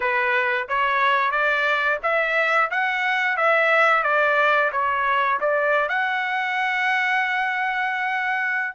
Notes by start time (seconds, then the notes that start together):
0.00 B4
0.68 C#5
1.31 D5
2.03 E5
2.70 F#5
3.36 E5
4.03 D5
4.72 C#5
5.40 D5
5.88 F#5